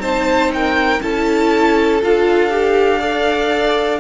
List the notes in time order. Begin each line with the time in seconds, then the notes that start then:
0.00 C4 D#4 C5 A5
0.54 A#4 G5
1.02 C#4 E4 A4 A5
2.02 D4 F4 F5
2.50 G4
2.99 A4 D5